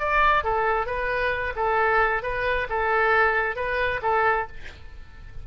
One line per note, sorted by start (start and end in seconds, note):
0.00 0.44 D5
0.44 0.86 A4
0.86 1.54 B4
1.57 2.23 A4
2.23 2.68 B4
2.70 3.56 A4
3.56 4.01 B4
4.03 4.48 A4